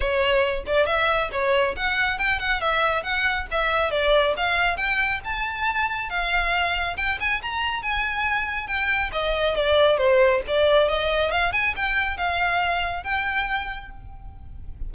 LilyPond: \new Staff \with { instrumentName = "violin" } { \time 4/4 \tempo 4 = 138 cis''4. d''8 e''4 cis''4 | fis''4 g''8 fis''8 e''4 fis''4 | e''4 d''4 f''4 g''4 | a''2 f''2 |
g''8 gis''8 ais''4 gis''2 | g''4 dis''4 d''4 c''4 | d''4 dis''4 f''8 gis''8 g''4 | f''2 g''2 | }